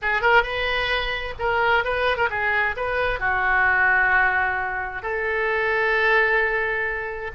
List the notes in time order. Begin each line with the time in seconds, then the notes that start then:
0.02 G#4
0.21 A#4
0.42 B4
1.38 A#4
1.84 B4
2.17 A#4
2.30 G#4
2.76 B4
3.19 F#4
5.02 A4